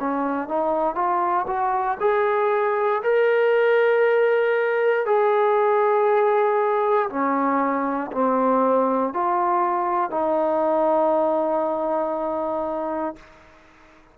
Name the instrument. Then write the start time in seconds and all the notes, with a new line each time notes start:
trombone
0.00 C#4
0.49 D#4
0.96 F4
1.47 F#4
2.01 G#4
3.04 A#4
5.06 G#4
7.10 C#4
8.12 C4
9.14 F4
10.11 D#4